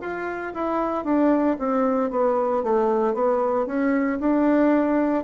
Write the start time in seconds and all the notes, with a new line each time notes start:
0.00 F4
0.54 E4
1.04 D4
1.58 C4
2.10 B3
2.63 A3
3.13 B3
3.66 C#4
4.20 D4